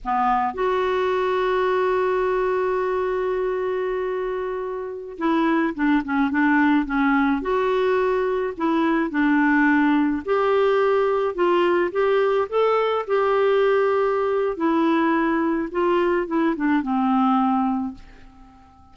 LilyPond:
\new Staff \with { instrumentName = "clarinet" } { \time 4/4 \tempo 4 = 107 b4 fis'2.~ | fis'1~ | fis'4~ fis'16 e'4 d'8 cis'8 d'8.~ | d'16 cis'4 fis'2 e'8.~ |
e'16 d'2 g'4.~ g'16~ | g'16 f'4 g'4 a'4 g'8.~ | g'2 e'2 | f'4 e'8 d'8 c'2 | }